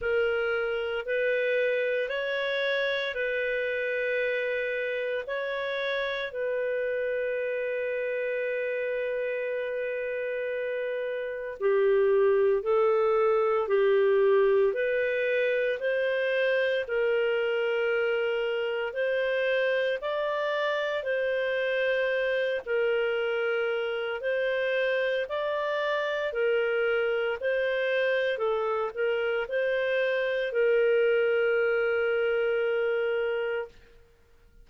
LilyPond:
\new Staff \with { instrumentName = "clarinet" } { \time 4/4 \tempo 4 = 57 ais'4 b'4 cis''4 b'4~ | b'4 cis''4 b'2~ | b'2. g'4 | a'4 g'4 b'4 c''4 |
ais'2 c''4 d''4 | c''4. ais'4. c''4 | d''4 ais'4 c''4 a'8 ais'8 | c''4 ais'2. | }